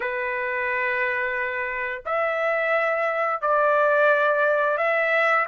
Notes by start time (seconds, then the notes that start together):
0.00 B4
2.05 E5
3.41 D5
4.77 E5